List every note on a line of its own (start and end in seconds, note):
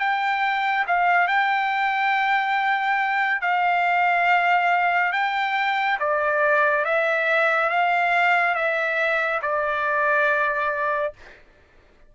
0.00 0.86 G5
0.88 1.28 F5
1.28 3.42 G5
3.42 5.13 F5
5.13 5.98 G5
6.00 6.85 D5
6.85 7.70 E5
7.70 8.55 F5
8.55 9.41 E5
9.42 11.14 D5